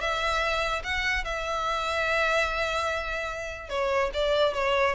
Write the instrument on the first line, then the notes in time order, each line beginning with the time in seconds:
violin
0.00 E5
0.83 F#5
1.24 E5
3.69 C#5
4.13 D5
4.54 C#5